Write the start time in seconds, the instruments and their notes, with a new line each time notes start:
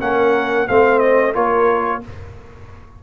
0.00 tuba A#3, trombone C#4, horn A#4, trumpet F#5
0.68 tuba A3, trombone C4, horn C5, trumpet F5
1.00 trumpet D#5
1.34 tuba A#3, trombone F4, horn A#4, trumpet C#5